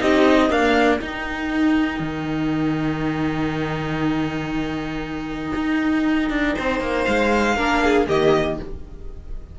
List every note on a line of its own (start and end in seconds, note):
0.00 0.50 C4
0.00 0.50 D#4
0.00 0.52 G4
0.00 0.52 D#5
0.50 1.00 A#3
0.50 1.00 D4
0.50 6.55 A#4
0.50 1.00 F5
1.00 1.99 D#4
1.00 7.57 D#4
1.00 7.05 G5
1.99 5.52 D#3
5.55 6.30 D#4
6.30 6.55 D4
6.55 6.80 C4
6.55 7.55 C5
6.80 7.05 A#3
7.05 7.56 G#3
7.05 8.05 F5
7.55 8.07 A#3
7.55 8.08 D4
7.55 7.80 A#4
7.84 8.07 G#4
8.07 8.59 D#3
8.07 8.59 A#3
8.07 8.57 G4
8.07 8.59 D#5